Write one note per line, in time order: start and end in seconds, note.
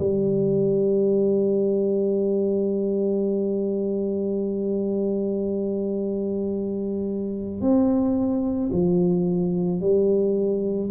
0.00 7.62 G3
7.62 8.71 C4
8.73 9.81 F3
9.81 10.90 G3